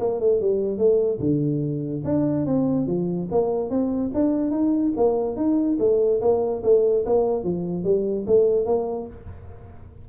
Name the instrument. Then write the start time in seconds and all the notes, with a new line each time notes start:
tuba
0.00 A#3
0.21 A3
0.41 G3
0.78 A3
1.20 D3
2.05 D4
2.46 C4
2.87 F3
3.32 A#3
3.70 C4
4.14 D4
4.51 D#4
4.97 A#3
5.37 D#4
5.80 A3
6.21 A#3
6.64 A3
7.06 A#3
7.44 F3
7.84 G3
8.27 A3
8.66 A#3